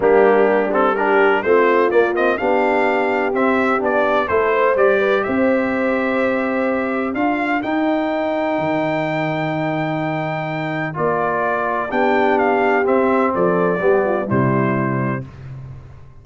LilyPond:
<<
  \new Staff \with { instrumentName = "trumpet" } { \time 4/4 \tempo 4 = 126 g'4. a'8 ais'4 c''4 | d''8 dis''8 f''2 e''4 | d''4 c''4 d''4 e''4~ | e''2. f''4 |
g''1~ | g''2. d''4~ | d''4 g''4 f''4 e''4 | d''2 c''2 | }
  \new Staff \with { instrumentName = "horn" } { \time 4/4 d'2 g'4 f'4~ | f'4 g'2.~ | g'4 a'8 c''4 b'8 c''4~ | c''2. ais'4~ |
ais'1~ | ais'1~ | ais'4 g'2. | a'4 g'8 f'8 e'2 | }
  \new Staff \with { instrumentName = "trombone" } { \time 4/4 ais4. c'8 d'4 c'4 | ais8 c'8 d'2 c'4 | d'4 e'4 g'2~ | g'2. f'4 |
dis'1~ | dis'2. f'4~ | f'4 d'2 c'4~ | c'4 b4 g2 | }
  \new Staff \with { instrumentName = "tuba" } { \time 4/4 g2. a4 | ais4 b2 c'4 | b4 a4 g4 c'4~ | c'2. d'4 |
dis'2 dis2~ | dis2. ais4~ | ais4 b2 c'4 | f4 g4 c2 | }
>>